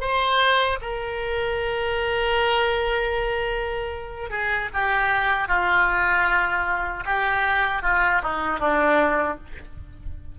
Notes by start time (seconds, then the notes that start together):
0.00 C5
0.81 A#4
4.30 G#4
4.73 G4
5.48 F4
7.05 G4
7.82 F4
8.22 D#4
8.59 D4